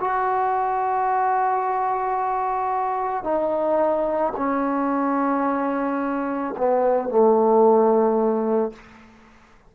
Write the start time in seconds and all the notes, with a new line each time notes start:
0.00 F#4
3.23 D#4
4.36 C#4
6.57 B3
7.09 A3